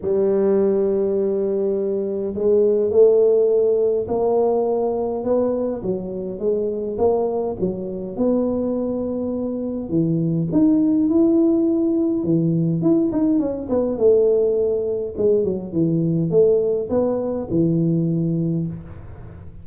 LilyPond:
\new Staff \with { instrumentName = "tuba" } { \time 4/4 \tempo 4 = 103 g1 | gis4 a2 ais4~ | ais4 b4 fis4 gis4 | ais4 fis4 b2~ |
b4 e4 dis'4 e'4~ | e'4 e4 e'8 dis'8 cis'8 b8 | a2 gis8 fis8 e4 | a4 b4 e2 | }